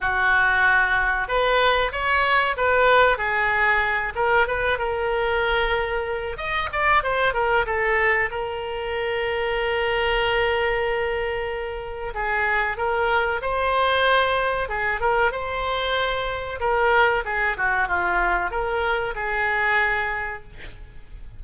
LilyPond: \new Staff \with { instrumentName = "oboe" } { \time 4/4 \tempo 4 = 94 fis'2 b'4 cis''4 | b'4 gis'4. ais'8 b'8 ais'8~ | ais'2 dis''8 d''8 c''8 ais'8 | a'4 ais'2.~ |
ais'2. gis'4 | ais'4 c''2 gis'8 ais'8 | c''2 ais'4 gis'8 fis'8 | f'4 ais'4 gis'2 | }